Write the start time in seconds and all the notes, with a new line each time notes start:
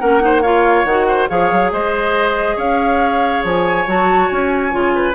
0.00 A#3 C#4 A#4 F#5
0.21 D#4 C5
0.42 F4 C#5 F5
0.85 D#3 F#4 F#5
1.08 C5
1.29 F3 G#4 C#5 F5
1.52 F#3
1.72 G#3 C5 D#5
2.57 C#4 C#5 F5
3.44 F3 G#5
3.87 F#3 F#4 A5
4.29 C#4 G#5
4.72 C#3 F4
4.96 B4